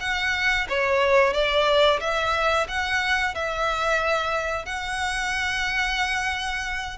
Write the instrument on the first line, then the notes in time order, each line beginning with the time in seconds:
violin
0.00 F#5
0.69 C#5
1.33 D5
2.00 E5
2.68 F#5
3.34 E5
4.65 F#5